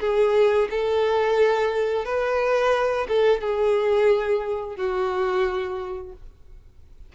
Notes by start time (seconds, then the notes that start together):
0.00 G#4
0.70 A4
2.05 B4
3.08 A4
3.41 G#4
4.76 F#4